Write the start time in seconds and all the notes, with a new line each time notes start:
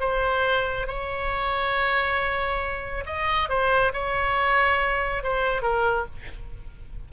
0.00 C5
0.87 C#5
3.06 D#5
3.49 C5
3.93 C#5
5.23 C5
5.62 A#4